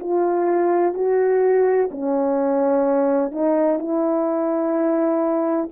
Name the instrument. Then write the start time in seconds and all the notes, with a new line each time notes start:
horn
0.00 F4
0.94 F#4
1.91 C#4
3.32 D#4
3.79 E4